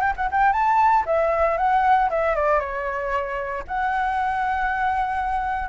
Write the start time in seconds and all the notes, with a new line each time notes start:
0.00 G5
0.16 F#5
0.31 G5
0.52 A5
1.06 E5
1.57 F#5
2.09 E5
2.35 D5
2.60 C#5
3.67 F#5